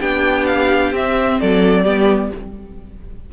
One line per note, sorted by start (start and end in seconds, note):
0.00 0.92 B3
0.00 0.94 D4
0.00 1.40 G4
0.00 0.46 G5
0.46 0.92 F5
0.92 1.39 C4
0.92 1.86 C4
0.92 1.40 E5
1.40 1.85 F#3
1.40 1.84 A4
1.40 2.33 D5
1.84 2.31 G3
1.84 2.32 B3
1.84 2.30 G4